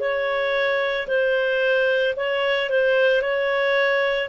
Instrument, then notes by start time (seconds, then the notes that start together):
clarinet
0.00 C#5
1.08 C5
2.17 C#5
2.70 C5
3.22 C#5